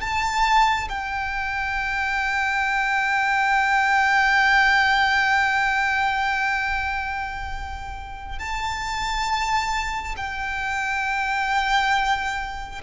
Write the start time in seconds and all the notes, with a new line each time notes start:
0.00 A5
0.89 G5
8.39 A5
10.16 G5